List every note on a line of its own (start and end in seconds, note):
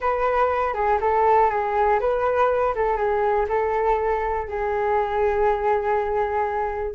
0.00 0.73 B4
0.73 0.98 G#4
1.01 1.49 A4
1.49 1.99 G#4
1.99 2.74 B4
2.75 2.96 A4
2.96 3.46 G#4
3.48 4.48 A4
4.48 6.94 G#4